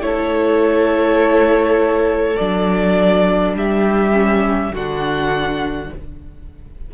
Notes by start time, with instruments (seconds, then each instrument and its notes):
0.00 cello A3, viola E4, violin A4 C#5
2.36 cello F#3, viola D4, violin D5
3.54 cello G3, violin G4 E5
4.12 viola C#4
4.71 cello D3, viola D4, violin F#4 F#5